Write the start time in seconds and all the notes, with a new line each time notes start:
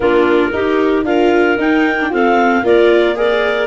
0.00 A#3 D4 F4 A#4
0.52 D#4 G4
1.04 D4 F4 A#4 F5
1.58 D#4 G5
2.01 D4
2.09 C4 F4 A4 F5
2.63 A#3 F4 A#4 D5
3.14 G#4 A#4 D5